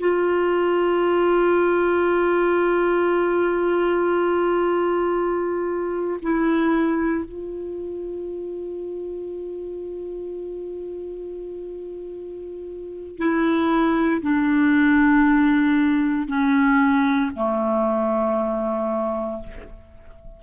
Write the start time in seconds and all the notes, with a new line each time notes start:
0.00 F4
6.23 E4
7.26 F4
13.18 E4
14.22 D4
16.28 C#4
17.36 A3